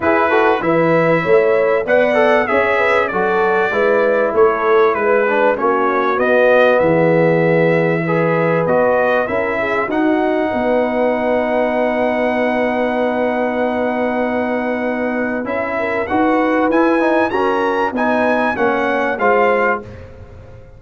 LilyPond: <<
  \new Staff \with { instrumentName = "trumpet" } { \time 4/4 \tempo 4 = 97 b'4 e''2 fis''4 | e''4 d''2 cis''4 | b'4 cis''4 dis''4 e''4~ | e''2 dis''4 e''4 |
fis''1~ | fis''1~ | fis''4 e''4 fis''4 gis''4 | ais''4 gis''4 fis''4 f''4 | }
  \new Staff \with { instrumentName = "horn" } { \time 4/4 gis'8 a'8 b'4 cis''4 d''4 | cis''8 b'8 a'4 b'4 a'4 | b'4 fis'2 gis'4~ | gis'4 b'2 ais'8 gis'8 |
fis'4 b'2.~ | b'1~ | b'4. ais'8 b'2 | ais'4 b'4 cis''4 c''4 | }
  \new Staff \with { instrumentName = "trombone" } { \time 4/4 e'8 fis'8 e'2 b'8 a'8 | gis'4 fis'4 e'2~ | e'8 d'8 cis'4 b2~ | b4 gis'4 fis'4 e'4 |
dis'1~ | dis'1~ | dis'4 e'4 fis'4 e'8 dis'8 | cis'4 dis'4 cis'4 f'4 | }
  \new Staff \with { instrumentName = "tuba" } { \time 4/4 e'4 e4 a4 b4 | cis'4 fis4 gis4 a4 | gis4 ais4 b4 e4~ | e2 b4 cis'4 |
dis'4 b2.~ | b1~ | b4 cis'4 dis'4 e'4 | fis'4 b4 ais4 gis4 | }
>>